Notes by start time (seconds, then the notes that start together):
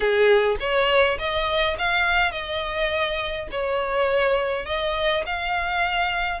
0.00 G#4
0.60 C#5
1.18 D#5
1.78 F5
2.31 D#5
3.51 C#5
4.65 D#5
5.26 F5